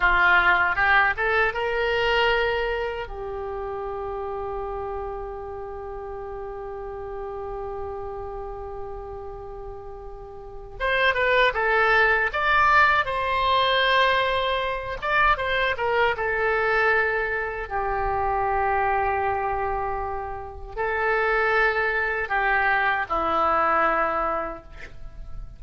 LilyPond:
\new Staff \with { instrumentName = "oboe" } { \time 4/4 \tempo 4 = 78 f'4 g'8 a'8 ais'2 | g'1~ | g'1~ | g'2 c''8 b'8 a'4 |
d''4 c''2~ c''8 d''8 | c''8 ais'8 a'2 g'4~ | g'2. a'4~ | a'4 g'4 e'2 | }